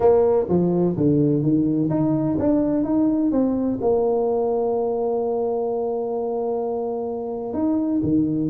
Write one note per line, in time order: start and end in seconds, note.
0.00 0.46 A#3
0.48 0.96 F3
0.96 1.42 D3
1.42 1.89 D#3
1.90 2.37 D#4
2.39 2.84 D4
2.84 3.31 D#4
3.31 3.78 C4
3.81 7.53 A#3
7.53 8.01 D#4
8.03 8.50 D#3